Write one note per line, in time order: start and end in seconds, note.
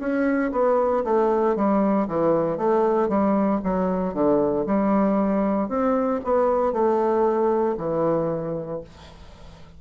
0.00 0.52 C#4
0.52 1.04 B3
1.04 1.56 A3
1.56 2.07 G3
2.08 2.57 E3
2.57 3.08 A3
3.08 3.60 G3
3.64 4.14 F#3
4.14 4.66 D3
4.66 5.68 G3
5.68 6.20 C4
6.24 6.72 B3
6.72 7.76 A3
7.78 8.81 E3